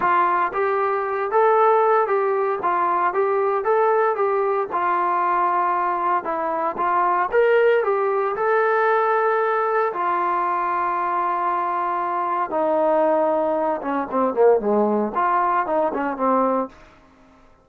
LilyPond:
\new Staff \with { instrumentName = "trombone" } { \time 4/4 \tempo 4 = 115 f'4 g'4. a'4. | g'4 f'4 g'4 a'4 | g'4 f'2. | e'4 f'4 ais'4 g'4 |
a'2. f'4~ | f'1 | dis'2~ dis'8 cis'8 c'8 ais8 | gis4 f'4 dis'8 cis'8 c'4 | }